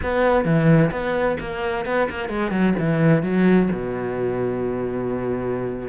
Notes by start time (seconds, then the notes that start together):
0.02 B3
0.44 E3
0.91 B3
1.40 A#3
1.85 B3
2.10 A#3
2.28 G#3
2.51 F#3
2.79 E3
3.23 F#3
3.72 B2